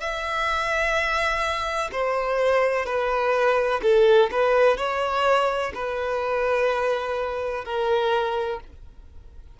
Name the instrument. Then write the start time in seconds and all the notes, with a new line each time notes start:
violin
0.00 E5
1.92 C5
2.86 B4
3.82 A4
4.31 B4
4.77 C#5
5.74 B4
7.65 A#4